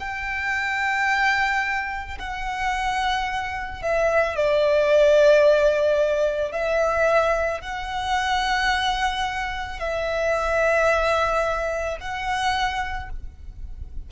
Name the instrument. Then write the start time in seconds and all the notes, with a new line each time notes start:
violin
0.00 G5
2.19 F#5
3.83 E5
4.36 D5
6.52 E5
7.61 F#5
9.79 E5
12.00 F#5